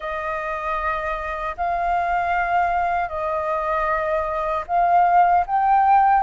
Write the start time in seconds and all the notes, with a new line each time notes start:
0.00 D#5
1.57 F5
3.08 D#5
4.67 F5
5.46 G5